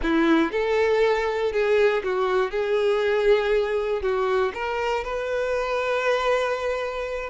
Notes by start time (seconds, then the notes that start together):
0.02 E4
0.51 A4
1.52 G#4
2.03 F#4
2.50 G#4
4.02 F#4
4.54 A#4
5.04 B4